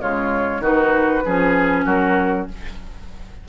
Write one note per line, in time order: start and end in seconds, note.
0.00 0.60 C#3
0.00 0.62 G#3
0.00 0.62 F4
0.00 0.64 C#5
0.60 1.22 D#3
0.60 1.25 D#4
0.60 1.24 F#4
0.60 1.86 B4
1.25 1.86 F3
1.25 2.49 C#4
1.25 1.86 G#4
1.86 2.48 F#3
1.86 2.48 F#4
1.86 2.48 A#4